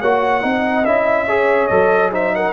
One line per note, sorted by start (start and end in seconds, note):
0.00 0.43 A#3
0.00 0.41 F#4
0.00 0.42 C#5
0.00 0.85 F#5
0.41 0.85 C4
0.41 0.83 D#4
0.41 1.27 D#5
0.85 1.70 C#4
0.85 1.28 E4
0.85 1.67 E5
1.27 1.70 G#4
1.27 2.11 C#5
1.67 2.53 F#3
1.67 2.12 A4
1.67 2.09 D#5
2.12 2.53 D#4
2.12 2.33 C5
2.12 2.35 E5
2.35 2.53 A#4
2.35 2.53 F#5